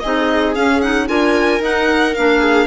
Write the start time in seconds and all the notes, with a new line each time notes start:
0.00 C4 D#4 G#4 D#5
0.55 C#4 F5
0.81 D#4 F#5
1.08 D4 F4 A#4 G#5
1.60 D#4 F#5
2.15 A#3 D4 F5
2.40 G#4